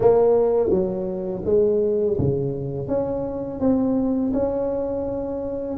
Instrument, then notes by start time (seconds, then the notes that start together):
tuba
0.00 A#3
0.70 F#3
1.45 G#3
2.18 C#3
2.87 C#4
3.59 C4
4.33 C#4